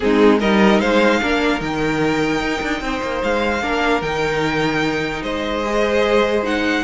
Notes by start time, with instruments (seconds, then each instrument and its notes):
0.00 cello G#3, viola C4, violin D#4 G#4
0.39 cello G3, viola D#4, violin A#4 D#5
0.80 cello G#3, violin C5 F5
1.20 cello A#3, viola D4, violin A#4
1.58 cello D#3, viola D#4, violin G5
2.39 cello D#4
2.61 cello D4
2.80 cello C4, violin C5
3.02 cello A#3
3.23 cello G#3, violin F5
3.62 cello A#3, viola D4, violin A#4
4.01 cello D#3, viola D#4, violin G5
5.22 cello G#3, violin C5 D#5
5.65 viola G#4
6.43 viola D#4, violin F#5